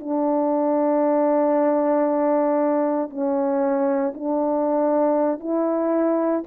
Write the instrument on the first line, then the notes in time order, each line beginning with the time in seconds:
horn
0.00 D4
3.10 C#4
4.14 D4
5.40 E4